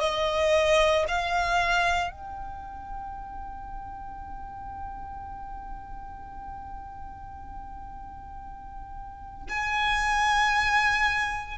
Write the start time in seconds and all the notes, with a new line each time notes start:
0.00 D#5
1.08 F5
2.11 G5
9.49 G#5